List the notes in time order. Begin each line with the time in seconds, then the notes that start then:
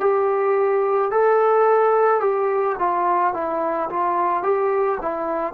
0.00 G4
1.12 A4
2.21 G4
2.79 F4
3.34 E4
3.90 F4
4.43 G4
5.02 E4